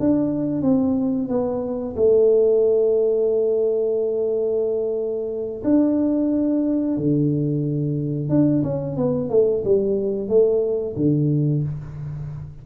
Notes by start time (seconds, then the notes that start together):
0.00 D4
0.62 C4
1.29 B3
1.97 A3
5.65 D4
6.98 D3
8.30 D4
8.64 C#4
8.97 B3
9.30 A3
9.65 G3
10.29 A3
10.96 D3